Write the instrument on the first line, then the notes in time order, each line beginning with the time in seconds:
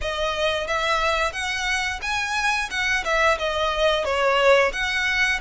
violin
0.01 D#5
0.67 E5
1.32 F#5
2.02 G#5
2.70 F#5
3.04 E5
3.38 D#5
4.04 C#5
4.72 F#5